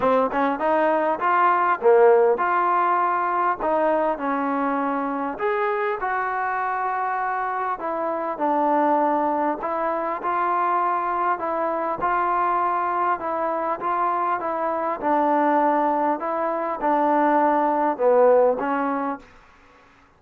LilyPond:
\new Staff \with { instrumentName = "trombone" } { \time 4/4 \tempo 4 = 100 c'8 cis'8 dis'4 f'4 ais4 | f'2 dis'4 cis'4~ | cis'4 gis'4 fis'2~ | fis'4 e'4 d'2 |
e'4 f'2 e'4 | f'2 e'4 f'4 | e'4 d'2 e'4 | d'2 b4 cis'4 | }